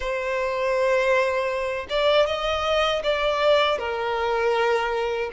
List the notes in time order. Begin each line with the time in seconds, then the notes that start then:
0.00 C5
1.89 D5
2.26 D#5
3.03 D5
3.78 A#4